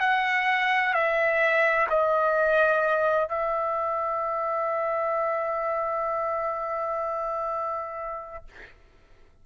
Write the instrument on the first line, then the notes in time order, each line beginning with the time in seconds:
trumpet
0.00 F#5
0.93 E5
1.90 D#5
3.29 E5